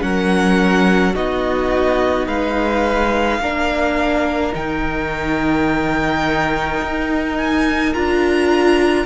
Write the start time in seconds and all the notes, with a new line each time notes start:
0.00 F#3 C#4 A#4 F#5
1.14 B3 D#4 F#4 D#5
2.27 G#3 B4 F5
3.39 A#3 D4 A#4
4.53 D#3 D#4 G5
6.81 D#4
7.37 G#5
7.94 D4 F4 A#5